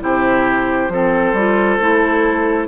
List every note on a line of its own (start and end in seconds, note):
0.00 0.89 C3
0.00 0.90 E4
0.00 0.93 G4
0.00 2.68 C5
0.89 1.33 F3
0.89 1.37 C4
0.89 2.68 A4
1.33 1.78 G3
1.33 1.81 F4
1.81 2.68 A3
1.81 2.68 E4